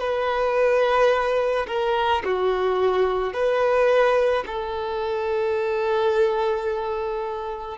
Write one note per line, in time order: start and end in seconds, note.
0.00 1.67 B4
1.67 2.23 A#4
2.24 3.33 F#4
3.33 4.44 B4
4.46 7.78 A4